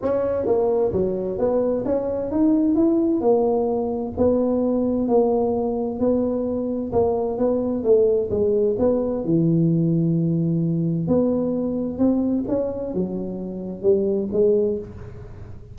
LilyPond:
\new Staff \with { instrumentName = "tuba" } { \time 4/4 \tempo 4 = 130 cis'4 ais4 fis4 b4 | cis'4 dis'4 e'4 ais4~ | ais4 b2 ais4~ | ais4 b2 ais4 |
b4 a4 gis4 b4 | e1 | b2 c'4 cis'4 | fis2 g4 gis4 | }